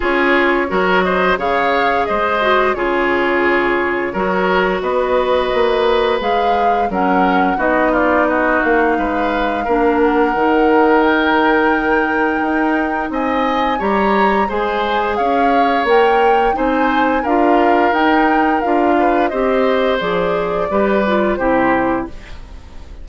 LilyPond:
<<
  \new Staff \with { instrumentName = "flute" } { \time 4/4 \tempo 4 = 87 cis''4. dis''8 f''4 dis''4 | cis''2. dis''4~ | dis''4 f''4 fis''4 dis''8 d''8 | dis''8 f''2 fis''4. |
g''2. gis''4 | ais''4 gis''4 f''4 g''4 | gis''4 f''4 g''4 f''4 | dis''4 d''2 c''4 | }
  \new Staff \with { instrumentName = "oboe" } { \time 4/4 gis'4 ais'8 c''8 cis''4 c''4 | gis'2 ais'4 b'4~ | b'2 ais'4 fis'8 f'8 | fis'4 b'4 ais'2~ |
ais'2. dis''4 | cis''4 c''4 cis''2 | c''4 ais'2~ ais'8 b'8 | c''2 b'4 g'4 | }
  \new Staff \with { instrumentName = "clarinet" } { \time 4/4 f'4 fis'4 gis'4. fis'8 | f'2 fis'2~ | fis'4 gis'4 cis'4 dis'4~ | dis'2 d'4 dis'4~ |
dis'1 | g'4 gis'2 ais'4 | dis'4 f'4 dis'4 f'4 | g'4 gis'4 g'8 f'8 e'4 | }
  \new Staff \with { instrumentName = "bassoon" } { \time 4/4 cis'4 fis4 cis4 gis4 | cis2 fis4 b4 | ais4 gis4 fis4 b4~ | b8 ais8 gis4 ais4 dis4~ |
dis2 dis'4 c'4 | g4 gis4 cis'4 ais4 | c'4 d'4 dis'4 d'4 | c'4 f4 g4 c4 | }
>>